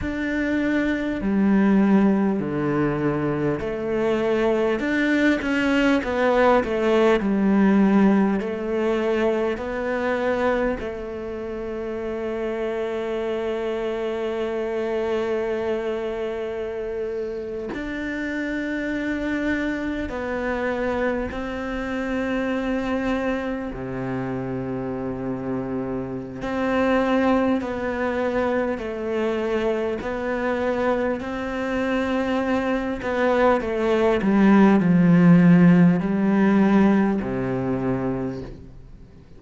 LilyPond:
\new Staff \with { instrumentName = "cello" } { \time 4/4 \tempo 4 = 50 d'4 g4 d4 a4 | d'8 cis'8 b8 a8 g4 a4 | b4 a2.~ | a2~ a8. d'4~ d'16~ |
d'8. b4 c'2 c16~ | c2 c'4 b4 | a4 b4 c'4. b8 | a8 g8 f4 g4 c4 | }